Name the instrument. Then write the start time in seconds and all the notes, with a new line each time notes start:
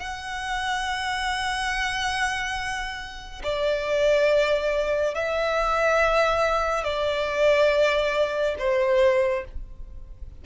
violin
0.00 F#5
3.44 D5
5.15 E5
6.85 D5
8.59 C5